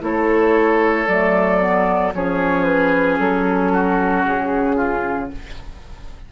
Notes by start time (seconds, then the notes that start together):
0.00 A3 E4 A4 C#5
1.07 F#3 A3 D5
1.59 B3
2.14 F3 C#4 G#4 C#5
2.64 B4
3.19 F#3 A4
3.72 F#4
4.25 C#3 G#4
4.76 F4